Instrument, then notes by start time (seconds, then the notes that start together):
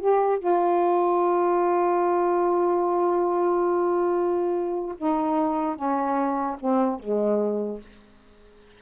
saxophone
0.00 G4
0.39 F4
4.97 D#4
5.75 C#4
6.60 C4
6.99 G#3